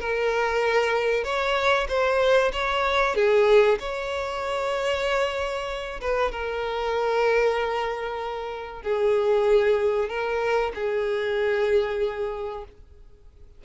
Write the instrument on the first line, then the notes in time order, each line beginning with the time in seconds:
violin
0.00 A#4
1.24 C#5
1.88 C5
2.53 C#5
3.15 G#4
3.80 C#5
6.01 B4
6.32 A#4
8.82 G#4
10.09 A#4
10.75 G#4